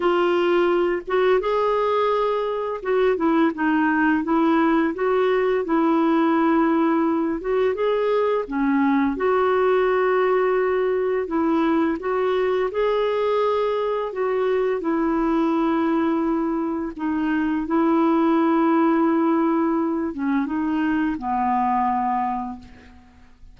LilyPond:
\new Staff \with { instrumentName = "clarinet" } { \time 4/4 \tempo 4 = 85 f'4. fis'8 gis'2 | fis'8 e'8 dis'4 e'4 fis'4 | e'2~ e'8 fis'8 gis'4 | cis'4 fis'2. |
e'4 fis'4 gis'2 | fis'4 e'2. | dis'4 e'2.~ | e'8 cis'8 dis'4 b2 | }